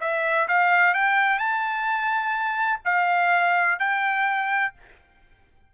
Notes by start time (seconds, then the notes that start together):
0.00 E5
0.48 F5
0.94 G5
1.39 A5
2.85 F5
3.79 G5